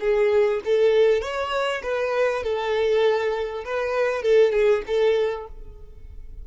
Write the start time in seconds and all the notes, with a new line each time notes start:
0.00 G#4
0.64 A4
1.21 C#5
1.83 B4
2.43 A4
3.65 B4
4.22 A4
4.52 G#4
4.87 A4